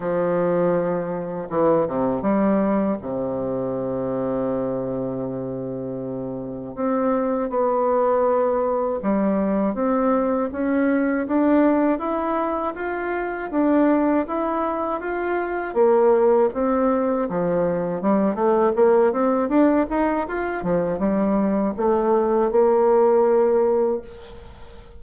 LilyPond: \new Staff \with { instrumentName = "bassoon" } { \time 4/4 \tempo 4 = 80 f2 e8 c8 g4 | c1~ | c4 c'4 b2 | g4 c'4 cis'4 d'4 |
e'4 f'4 d'4 e'4 | f'4 ais4 c'4 f4 | g8 a8 ais8 c'8 d'8 dis'8 f'8 f8 | g4 a4 ais2 | }